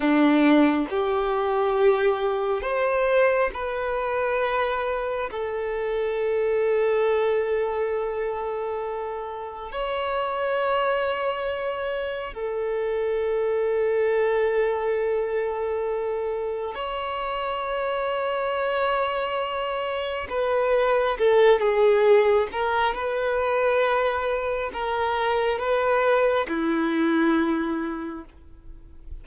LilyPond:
\new Staff \with { instrumentName = "violin" } { \time 4/4 \tempo 4 = 68 d'4 g'2 c''4 | b'2 a'2~ | a'2. cis''4~ | cis''2 a'2~ |
a'2. cis''4~ | cis''2. b'4 | a'8 gis'4 ais'8 b'2 | ais'4 b'4 e'2 | }